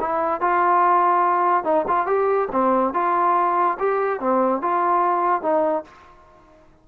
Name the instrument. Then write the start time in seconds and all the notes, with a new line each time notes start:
trombone
0.00 E4
0.41 F4
1.64 D#4
1.88 F4
2.07 G4
2.52 C4
2.94 F4
3.80 G4
4.20 C4
4.62 F4
5.42 D#4